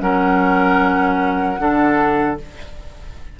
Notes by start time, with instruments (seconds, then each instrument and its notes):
0.00 bassoon F#3, clarinet C#4, oboe A#4, flute F#5
1.58 bassoon D3, clarinet D4, oboe A4